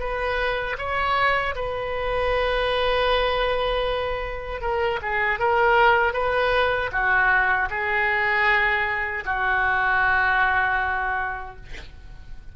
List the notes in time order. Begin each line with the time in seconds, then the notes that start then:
0.00 B4
0.78 C#5
1.56 B4
4.62 A#4
5.02 G#4
5.39 A#4
6.14 B4
6.92 F#4
7.70 G#4
9.26 F#4